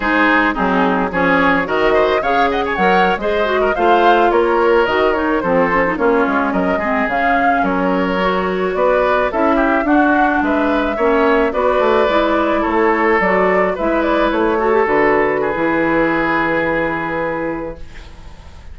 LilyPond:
<<
  \new Staff \with { instrumentName = "flute" } { \time 4/4 \tempo 4 = 108 c''4 gis'4 cis''4 dis''4 | f''8 fis''16 gis''16 fis''8. dis''4 f''4 cis''16~ | cis''8. dis''8 cis''8 c''4 cis''4 dis''16~ | dis''8. f''4 cis''2 d''16~ |
d''8. e''4 fis''4 e''4~ e''16~ | e''8. d''2 cis''4 d''16~ | d''8. e''8 d''8 cis''4 b'4~ b'16~ | b'1 | }
  \new Staff \with { instrumentName = "oboe" } { \time 4/4 gis'4 dis'4 gis'4 ais'8 c''8 | cis''8 dis''16 cis''4 c''8. ais'16 c''4 ais'16~ | ais'4.~ ais'16 a'4 f'4 ais'16~ | ais'16 gis'4. ais'2 b'16~ |
b'8. a'8 g'8 fis'4 b'4 cis''16~ | cis''8. b'2 a'4~ a'16~ | a'8. b'4. a'4. gis'16~ | gis'1 | }
  \new Staff \with { instrumentName = "clarinet" } { \time 4/4 dis'4 c'4 cis'4 fis'4 | gis'4 ais'8. gis'8 fis'8 f'4~ f'16~ | f'8. fis'8 dis'8 c'8 cis'16 dis'16 cis'4~ cis'16~ | cis'16 c'8 cis'2 fis'4~ fis'16~ |
fis'8. e'4 d'2 cis'16~ | cis'8. fis'4 e'2 fis'16~ | fis'8. e'4. fis'16 g'16 fis'4~ fis'16 | e'1 | }
  \new Staff \with { instrumentName = "bassoon" } { \time 4/4 gis4 fis4 f4 dis4 | cis4 fis8. gis4 a4 ais16~ | ais8. dis4 f4 ais8 gis8 fis16~ | fis16 gis8 cis4 fis2 b16~ |
b8. cis'4 d'4 gis4 ais16~ | ais8. b8 a8 gis4 a4 fis16~ | fis8. gis4 a4 d4~ d16 | e1 | }
>>